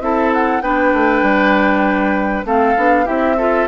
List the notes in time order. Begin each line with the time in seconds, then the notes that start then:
0.00 C4 E4 A4 E5
0.33 F#5
0.61 B3 D4 B4 G5
0.93 A3
1.22 G3
2.45 A3 C4 A4 F5
2.77 B3 D4
3.05 C4 E4 G4 E5
3.38 F4 A4